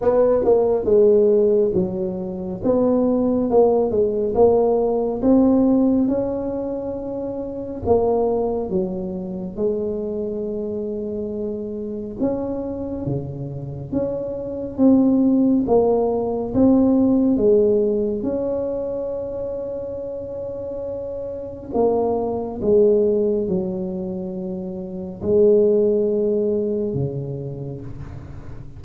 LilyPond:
\new Staff \with { instrumentName = "tuba" } { \time 4/4 \tempo 4 = 69 b8 ais8 gis4 fis4 b4 | ais8 gis8 ais4 c'4 cis'4~ | cis'4 ais4 fis4 gis4~ | gis2 cis'4 cis4 |
cis'4 c'4 ais4 c'4 | gis4 cis'2.~ | cis'4 ais4 gis4 fis4~ | fis4 gis2 cis4 | }